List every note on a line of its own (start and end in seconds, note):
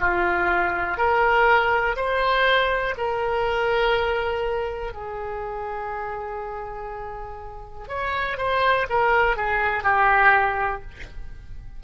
0.00 0.97 F4
0.97 1.95 A#4
1.96 2.95 C5
2.97 4.93 A#4
4.93 7.88 G#4
7.88 8.37 C#5
8.37 8.87 C5
8.89 9.36 A#4
9.36 9.83 G#4
9.83 10.82 G4